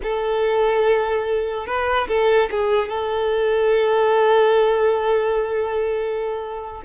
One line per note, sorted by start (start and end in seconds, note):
0.02 1.66 A4
1.66 2.07 B4
2.08 2.49 A4
2.51 2.88 G#4
2.88 6.81 A4